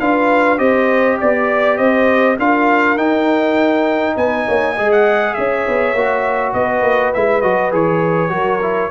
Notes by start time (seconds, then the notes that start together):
0.00 D4 F4 B4 F5
0.58 C4 G4 C5 D#5
1.20 B3 D5
1.77 C4 C5 D#5
2.38 D4 F4 A#4 F5
2.96 D#4 G5
4.15 B3 B4 G#5
4.47 A#3 C#5
4.72 G#3 G#4 D#5
4.91 F#5
5.34 C#4 C#5 E5
5.67 B3
5.93 A#3 F#4
6.53 B3 B4 D#5
6.81 A#3
7.13 G#3 E4 E5
7.41 F#3 F#4 D#5
7.71 E3 G#4 C#5
8.29 F#3 F#4 A#4
8.61 E4